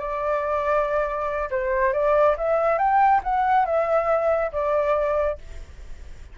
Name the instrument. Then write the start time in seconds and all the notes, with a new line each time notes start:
flute
0.00 D5
1.51 C5
1.93 D5
2.38 E5
2.79 G5
3.24 F#5
3.66 E5
4.53 D5